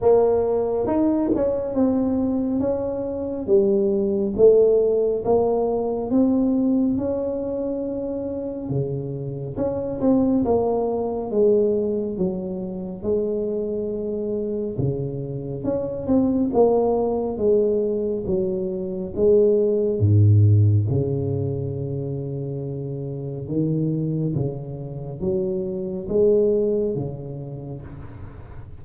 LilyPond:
\new Staff \with { instrumentName = "tuba" } { \time 4/4 \tempo 4 = 69 ais4 dis'8 cis'8 c'4 cis'4 | g4 a4 ais4 c'4 | cis'2 cis4 cis'8 c'8 | ais4 gis4 fis4 gis4~ |
gis4 cis4 cis'8 c'8 ais4 | gis4 fis4 gis4 gis,4 | cis2. dis4 | cis4 fis4 gis4 cis4 | }